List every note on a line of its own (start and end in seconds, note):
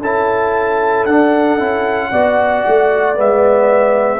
0.00 1.05 C#4
0.00 1.08 E4
0.00 2.11 A4
0.00 1.05 A5
1.05 1.59 D4
1.05 3.16 F#5
1.59 2.12 C#4
1.59 2.12 E4
2.11 2.65 B3
2.11 3.14 F#4
2.11 4.20 D5
2.67 3.18 A3
3.14 4.20 G#3
3.14 4.20 B3
3.14 4.20 E5